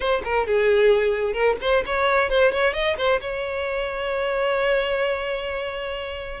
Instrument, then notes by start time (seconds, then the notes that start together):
violin
0.00 C5
0.24 A#4
0.46 G#4
1.33 A#4
1.61 C5
1.85 C#5
2.29 C5
2.51 C#5
2.73 D#5
2.97 C5
3.20 C#5